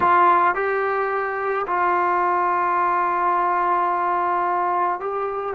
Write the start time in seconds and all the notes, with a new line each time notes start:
0.00 F4
0.55 G4
1.66 F4
5.00 G4